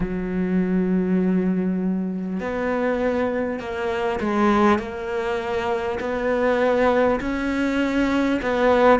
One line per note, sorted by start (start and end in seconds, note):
0.00 2.40 F#3
2.40 3.59 B3
3.59 4.19 A#3
4.20 4.78 G#3
4.78 5.98 A#3
6.00 7.20 B3
7.20 8.40 C#4
8.42 8.99 B3